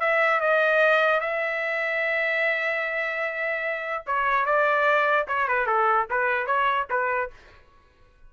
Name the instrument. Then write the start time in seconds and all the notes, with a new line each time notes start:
trumpet
0.00 E5
0.40 D#5
1.20 E5
4.06 C#5
4.45 D5
5.28 C#5
5.48 B4
5.66 A4
6.10 B4
6.46 C#5
6.90 B4